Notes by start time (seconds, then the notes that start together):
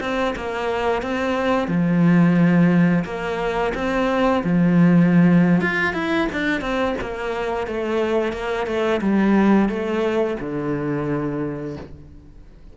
0.00 C4
0.35 A#3
1.02 C4
1.67 F3
3.04 A#3
3.74 C4
4.43 F3
5.61 F4
5.93 E4
6.32 D4
6.61 C4
7.01 A#3
7.66 A3
8.32 A#3
8.66 A3
9.01 G3
9.68 A3
10.40 D3